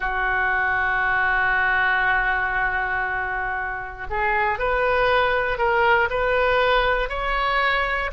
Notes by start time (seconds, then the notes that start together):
0.00 F#4
4.10 G#4
4.59 B4
5.57 A#4
6.10 B4
7.09 C#5